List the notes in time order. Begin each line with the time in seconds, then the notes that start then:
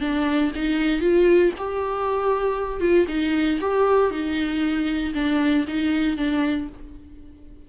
0.00 D4
0.55 D#4
1.00 F4
1.58 G4
2.80 F4
3.07 D#4
3.60 G4
4.10 D#4
5.14 D4
5.67 D#4
6.16 D4